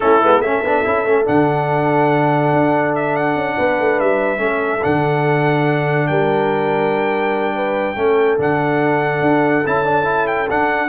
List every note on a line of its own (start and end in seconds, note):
0.00 0.23 A3
0.00 0.22 C#4
0.00 0.43 E4
0.00 0.41 A4
0.22 0.39 G#3
0.22 0.43 B3
0.39 0.60 A3
0.39 0.64 C#4
0.39 3.57 A4
0.39 1.25 E5
0.62 0.83 B3
0.62 0.84 D4
0.84 1.05 C#4
0.84 1.05 E4
1.05 1.26 A3
1.05 1.24 C#4
1.24 2.52 D3
1.24 4.38 D4
1.24 2.95 F#5
2.52 3.35 D4
2.95 3.16 E5
3.16 3.99 F#5
3.35 3.56 C#4
3.57 3.79 B3
3.57 4.41 B4
3.79 4.00 A3
3.99 4.38 G3
3.99 4.83 E5
4.38 4.80 A3
4.38 4.80 C#4
4.38 6.09 A4
4.82 6.09 D3
4.82 7.96 D4
4.82 6.07 F#5
6.07 7.95 G3
6.07 7.55 A#4
6.07 8.38 G5
7.55 7.96 B4
7.95 8.37 A3
7.95 8.38 C#4
7.95 10.89 A4
8.38 9.20 D3
8.38 9.64 D4
8.38 9.66 F#5
9.20 9.62 D4
9.65 10.50 C#4
9.65 9.84 E4
9.65 10.27 A5
9.84 10.03 D4
10.03 10.45 E4
10.27 10.48 G5
10.49 10.89 D4
10.49 10.89 F#5